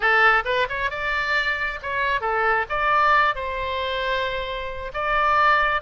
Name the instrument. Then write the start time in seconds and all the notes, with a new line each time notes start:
oboe
0.00 A4
0.44 B4
0.69 C#5
0.90 D5
1.82 C#5
2.21 A4
2.69 D5
3.35 C5
4.93 D5